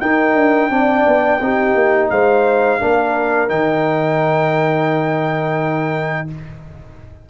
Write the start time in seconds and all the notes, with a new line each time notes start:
0.00 D#4 A#4 G5
0.35 D4
0.70 C4 D4 D5
1.07 B3
1.40 C4 D#4 G4
1.74 A#3
2.10 G#3 C5 F5
2.80 A#3 D4 A#4
3.48 D#3 D#4 G5